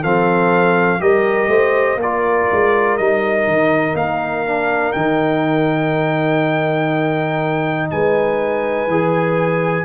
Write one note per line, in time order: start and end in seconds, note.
0.00 1.01 F3
0.00 1.00 C4
0.00 0.98 A4
0.00 1.01 F5
1.00 1.47 G3
1.00 1.98 G4
1.00 1.50 A#4
1.00 1.99 D#5
1.47 1.96 A3
1.47 1.99 C5
1.96 2.45 A#3
1.96 7.91 A#4
1.96 2.97 D5
2.03 2.99 F4
2.51 2.99 G#3
2.97 3.47 G3
2.97 4.45 D#4
2.97 3.96 D#5
3.47 3.94 D#3
3.94 4.92 A#3
3.94 4.92 F5
4.45 4.95 D4
4.92 7.91 D#3
4.92 8.88 D#4
4.92 7.87 G5
7.90 8.87 G#3
7.90 9.84 B4
7.90 9.84 G#5
8.87 9.84 E3
8.87 9.84 G#4